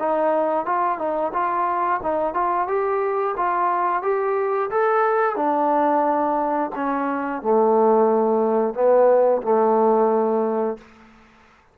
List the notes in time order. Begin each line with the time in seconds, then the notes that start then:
0.00 D#4
0.66 F4
0.99 D#4
1.34 F4
2.03 D#4
2.34 F4
2.68 G4
3.37 F4
4.03 G4
4.71 A4
5.37 D4
6.75 C#4
7.42 A3
8.75 B3
9.43 A3